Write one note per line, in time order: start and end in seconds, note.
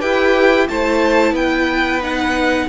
0.00 0.69 E4
0.00 0.67 G4
0.00 0.67 B4
0.00 0.67 G5
0.68 1.32 A3
0.68 2.02 E4
0.68 1.33 C5
0.68 1.35 A5
1.32 2.65 B3
1.32 2.66 B4
1.32 2.02 G5
2.02 2.68 D#4
2.02 2.68 F#5